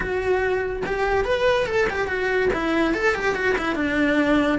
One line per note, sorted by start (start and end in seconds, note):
0.00 0.82 F#4
0.85 1.24 G4
1.24 1.66 B4
1.66 1.87 A4
1.90 2.07 G4
2.07 2.49 F#4
2.53 2.94 E4
2.94 3.14 A4
3.14 3.35 G4
3.35 3.56 F#4
3.57 3.75 E4
3.75 4.58 D4